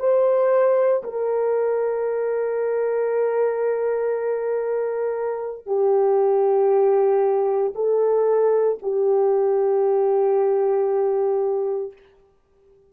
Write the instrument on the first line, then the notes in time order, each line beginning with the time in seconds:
horn
0.00 C5
1.04 A#4
5.67 G4
7.75 A4
8.83 G4